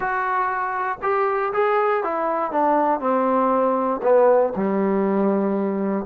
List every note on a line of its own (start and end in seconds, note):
0.00 0.98 F#4
1.02 1.52 G4
1.53 2.03 G#4
2.03 2.51 E4
2.51 3.00 D4
3.00 4.01 C4
4.02 4.53 B3
4.56 6.05 G3